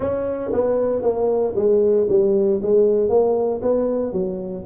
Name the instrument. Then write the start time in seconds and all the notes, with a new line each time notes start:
tuba
0.00 C#4
0.52 B3
1.02 A#3
1.55 G#3
2.09 G3
2.62 G#3
3.09 A#3
3.62 B3
4.12 F#3